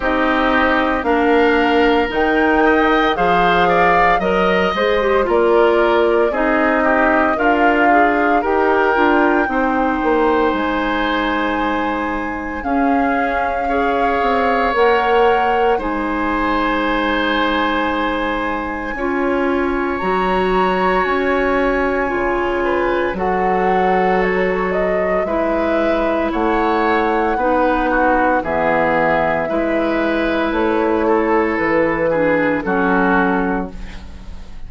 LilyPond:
<<
  \new Staff \with { instrumentName = "flute" } { \time 4/4 \tempo 4 = 57 dis''4 f''4 g''4 f''4 | dis''8 c''8 d''4 dis''4 f''4 | g''2 gis''2 | f''2 fis''4 gis''4~ |
gis''2. ais''4 | gis''2 fis''4 cis''8 dis''8 | e''4 fis''2 e''4~ | e''4 cis''4 b'4 a'4 | }
  \new Staff \with { instrumentName = "oboe" } { \time 4/4 g'4 ais'4. dis''8 c''8 d''8 | dis''4 ais'4 gis'8 g'8 f'4 | ais'4 c''2. | gis'4 cis''2 c''4~ |
c''2 cis''2~ | cis''4. b'8 a'2 | b'4 cis''4 b'8 fis'8 gis'4 | b'4. a'4 gis'8 fis'4 | }
  \new Staff \with { instrumentName = "clarinet" } { \time 4/4 dis'4 d'4 dis'4 gis'4 | ais'8 gis'16 g'16 f'4 dis'4 ais'8 gis'8 | g'8 f'8 dis'2. | cis'4 gis'4 ais'4 dis'4~ |
dis'2 f'4 fis'4~ | fis'4 f'4 fis'2 | e'2 dis'4 b4 | e'2~ e'8 d'8 cis'4 | }
  \new Staff \with { instrumentName = "bassoon" } { \time 4/4 c'4 ais4 dis4 f4 | fis8 gis8 ais4 c'4 d'4 | dis'8 d'8 c'8 ais8 gis2 | cis'4. c'8 ais4 gis4~ |
gis2 cis'4 fis4 | cis'4 cis4 fis2 | gis4 a4 b4 e4 | gis4 a4 e4 fis4 | }
>>